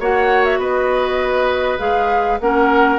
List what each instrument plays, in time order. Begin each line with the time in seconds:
0.00 bassoon A#3, clarinet F#4, oboe C#5, flute F#5
0.45 flute E5
0.59 bassoon B3, oboe B4, flute D#5
1.79 bassoon G#3, clarinet G#4, flute F5
2.41 bassoon A#3, clarinet C#4, oboe A#4, flute F#5